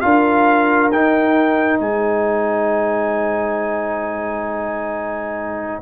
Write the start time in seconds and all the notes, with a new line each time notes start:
0.00 D4 F4 A#4 F5
0.91 D#4 G5
1.79 G#3 C5 G#5